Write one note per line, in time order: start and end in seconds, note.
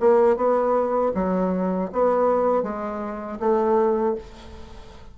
0.00 0.37 A#3
0.37 1.13 B3
1.15 1.91 F#3
1.93 2.63 B3
2.63 3.39 G#3
3.40 4.16 A3